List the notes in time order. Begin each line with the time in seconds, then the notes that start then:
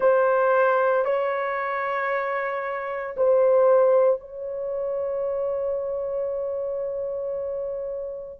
0.00 C5
1.04 C#5
3.16 C5
4.20 C#5